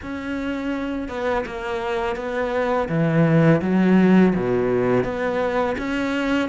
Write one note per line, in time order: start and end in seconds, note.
0.02 1.08 C#4
1.08 1.44 B3
1.46 2.16 A#3
2.16 2.88 B3
2.88 3.61 E3
3.61 4.34 F#3
4.35 5.03 B2
5.03 5.76 B3
5.77 6.49 C#4